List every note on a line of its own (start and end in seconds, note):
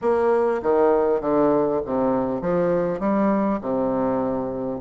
0.01 0.61 A#3
0.62 1.20 D#3
1.20 1.80 D3
1.85 2.41 C3
2.41 2.99 F3
2.99 3.59 G3
3.61 4.81 C3